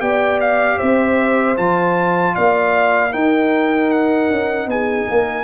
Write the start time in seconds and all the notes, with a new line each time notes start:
0.00 B3 G4 D5 G5
0.40 F5
0.78 C4 C5 E5
1.56 F3 F4 A5
2.35 A#3 D5 F5
3.12 D#4 A#4 G5
3.90 F#5
4.30 C#4
4.67 B3 G#4 G#5
5.08 A#3 A#4